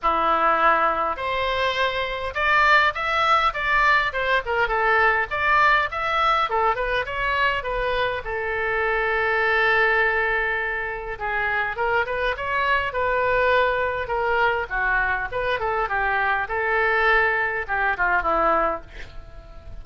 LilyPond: \new Staff \with { instrumentName = "oboe" } { \time 4/4 \tempo 4 = 102 e'2 c''2 | d''4 e''4 d''4 c''8 ais'8 | a'4 d''4 e''4 a'8 b'8 | cis''4 b'4 a'2~ |
a'2. gis'4 | ais'8 b'8 cis''4 b'2 | ais'4 fis'4 b'8 a'8 g'4 | a'2 g'8 f'8 e'4 | }